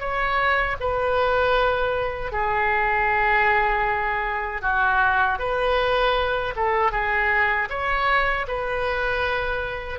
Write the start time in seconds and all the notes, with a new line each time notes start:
0.00 C#5
0.80 B4
2.33 G#4
4.62 F#4
5.39 B4
6.57 A4
6.92 G#4
7.70 C#5
8.48 B4